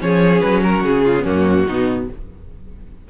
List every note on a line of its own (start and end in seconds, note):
0.00 0.42 F3
0.00 1.15 C#4
0.00 0.63 G#4
0.00 0.40 C#5
0.40 0.84 F#3
0.40 0.61 B4
0.63 1.04 F#4
0.63 0.85 A#4
0.84 1.25 C#3
0.84 1.26 G#4
1.04 1.23 F4
1.19 1.25 B3
1.19 1.64 C#4
1.25 1.66 F#2
1.25 1.67 A#3
1.25 2.09 F#4
1.67 2.10 B2
1.67 2.11 B3
1.67 2.08 D#4